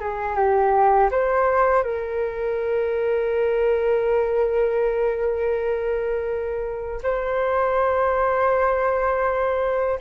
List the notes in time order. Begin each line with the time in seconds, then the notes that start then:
0.00 G#4
0.36 G4
1.11 C5
1.83 A#4
7.03 C5